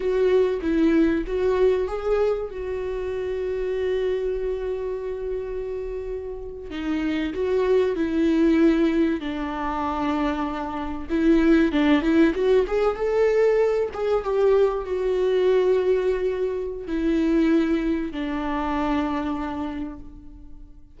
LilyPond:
\new Staff \with { instrumentName = "viola" } { \time 4/4 \tempo 4 = 96 fis'4 e'4 fis'4 gis'4 | fis'1~ | fis'2~ fis'8. dis'4 fis'16~ | fis'8. e'2 d'4~ d'16~ |
d'4.~ d'16 e'4 d'8 e'8 fis'16~ | fis'16 gis'8 a'4. gis'8 g'4 fis'16~ | fis'2. e'4~ | e'4 d'2. | }